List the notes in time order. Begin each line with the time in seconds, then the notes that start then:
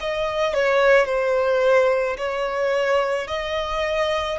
0.00 D#5
0.54 C#5
1.05 C5
2.17 C#5
3.27 D#5